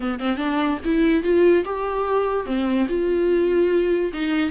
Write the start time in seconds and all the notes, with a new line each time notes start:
0.00 B3
0.19 C4
0.37 D4
0.84 E4
1.23 F4
1.64 G4
2.45 C4
2.88 F4
4.13 D#4